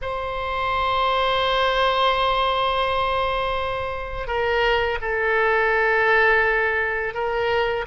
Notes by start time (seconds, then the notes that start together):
0.01 C5
4.27 A#4
5.01 A4
7.14 A#4